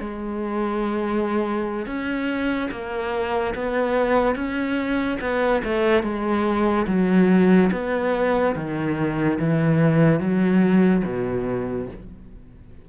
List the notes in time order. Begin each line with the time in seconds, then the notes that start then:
0.00 G#3
1.86 C#4
2.71 A#3
3.55 B3
4.36 C#4
5.21 B3
5.64 A3
6.03 G#3
6.87 F#3
7.72 B3
8.56 D#3
9.39 E3
10.20 F#3
11.05 B2